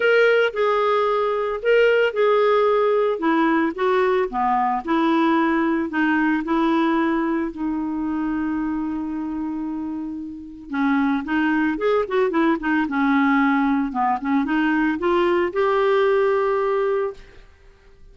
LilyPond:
\new Staff \with { instrumentName = "clarinet" } { \time 4/4 \tempo 4 = 112 ais'4 gis'2 ais'4 | gis'2 e'4 fis'4 | b4 e'2 dis'4 | e'2 dis'2~ |
dis'1 | cis'4 dis'4 gis'8 fis'8 e'8 dis'8 | cis'2 b8 cis'8 dis'4 | f'4 g'2. | }